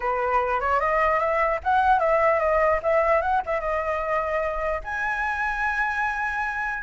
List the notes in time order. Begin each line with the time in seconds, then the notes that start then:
0.00 B4
0.60 C#5
0.80 D#5
1.19 E5
1.63 F#5
1.99 E5
2.39 D#5
2.82 E5
3.21 F#5
3.46 E5
3.60 D#5
4.84 G#5